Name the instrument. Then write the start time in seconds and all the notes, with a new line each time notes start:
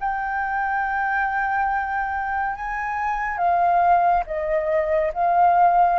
flute
0.00 G5
2.56 G#5
3.38 F5
4.26 D#5
5.14 F5